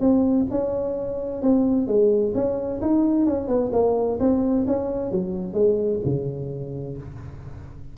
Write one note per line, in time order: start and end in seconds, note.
0.00 0.46 C4
0.50 1.42 C#4
1.42 1.87 C4
1.87 2.33 G#3
2.34 2.80 C#4
2.81 3.26 D#4
3.26 3.48 C#4
3.48 3.71 B3
3.72 4.19 A#3
4.20 4.66 C4
4.67 5.11 C#4
5.11 5.53 F#3
5.53 5.99 G#3
6.05 6.97 C#3